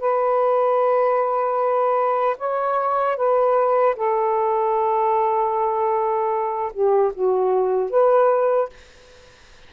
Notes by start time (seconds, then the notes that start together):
0.00 B4
2.38 C#5
3.17 B4
3.97 A4
6.73 G4
7.15 F#4
7.91 B4